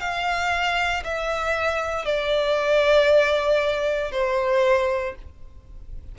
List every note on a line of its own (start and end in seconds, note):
0.00 1.03 F5
1.04 2.05 E5
2.05 4.11 D5
4.11 5.15 C5